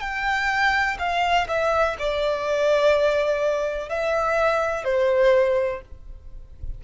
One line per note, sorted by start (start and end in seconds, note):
0.00 0.97 G5
0.99 1.47 F5
1.48 1.96 E5
1.98 3.89 D5
3.89 4.84 E5
4.84 5.81 C5